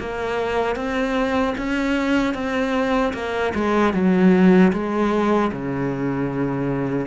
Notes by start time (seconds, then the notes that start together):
0.00 A#3
0.76 C4
1.58 C#4
2.35 C4
3.14 A#3
3.55 G#3
3.94 F#3
4.73 G#3
5.53 C#3